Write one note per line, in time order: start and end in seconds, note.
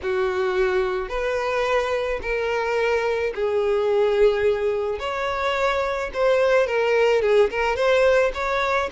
0.02 1.08 F#4
1.08 2.19 B4
2.22 3.33 A#4
3.34 4.99 G#4
4.99 6.10 C#5
6.13 6.67 C5
6.67 7.22 A#4
7.22 7.49 G#4
7.50 7.76 A#4
7.76 8.31 C5
8.34 8.89 C#5